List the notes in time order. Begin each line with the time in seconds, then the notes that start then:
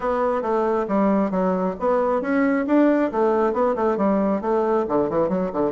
0.00 B3
0.42 A3
0.88 G3
1.30 F#3
1.79 B3
2.21 C#4
2.67 D4
3.11 A3
3.53 B3
3.75 A3
3.97 G3
4.41 A3
4.88 D3
5.09 E3
5.29 F#3
5.52 D3